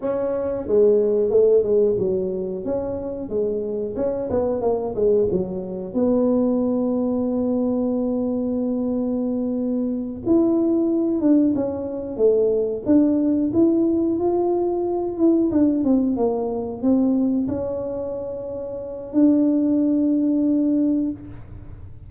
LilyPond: \new Staff \with { instrumentName = "tuba" } { \time 4/4 \tempo 4 = 91 cis'4 gis4 a8 gis8 fis4 | cis'4 gis4 cis'8 b8 ais8 gis8 | fis4 b2.~ | b2.~ b8 e'8~ |
e'4 d'8 cis'4 a4 d'8~ | d'8 e'4 f'4. e'8 d'8 | c'8 ais4 c'4 cis'4.~ | cis'4 d'2. | }